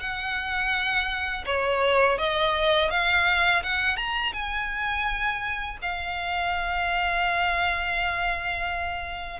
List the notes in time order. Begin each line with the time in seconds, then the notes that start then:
0.00 F#5
1.46 C#5
2.18 D#5
2.90 F5
3.63 F#5
3.96 A#5
4.33 G#5
5.82 F5